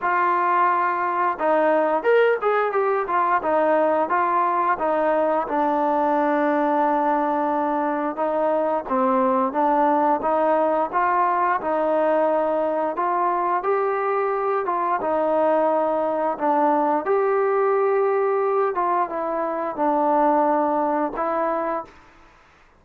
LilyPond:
\new Staff \with { instrumentName = "trombone" } { \time 4/4 \tempo 4 = 88 f'2 dis'4 ais'8 gis'8 | g'8 f'8 dis'4 f'4 dis'4 | d'1 | dis'4 c'4 d'4 dis'4 |
f'4 dis'2 f'4 | g'4. f'8 dis'2 | d'4 g'2~ g'8 f'8 | e'4 d'2 e'4 | }